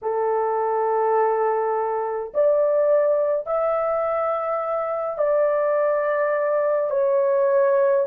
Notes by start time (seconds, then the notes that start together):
0.02 A4
2.34 D5
3.46 E5
5.18 D5
6.90 C#5